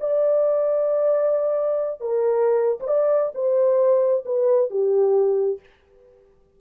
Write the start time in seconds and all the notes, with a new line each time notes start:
0.00 D5
2.00 A#4
2.80 C5
2.87 D5
3.34 C5
4.25 B4
4.70 G4